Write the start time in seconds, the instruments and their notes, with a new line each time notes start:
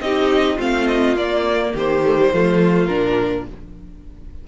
0.00 cello C4, viola D#4, violin G4 D#5
0.55 cello A3, viola C4, violin F4 F5
0.87 violin D#5
1.16 cello A#3, viola A#3, violin D5
1.74 cello D#3, violin G4 C5
2.04 viola A3
2.18 viola G3
2.32 cello F3, viola A3, violin F4
2.86 cello A#2, viola D4, violin A#4